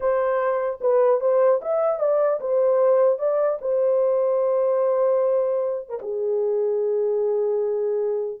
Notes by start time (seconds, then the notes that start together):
0.00 C5
0.81 B4
1.20 C5
1.61 E5
1.99 D5
2.40 C5
3.18 D5
3.61 C5
5.89 A#4
6.02 G#4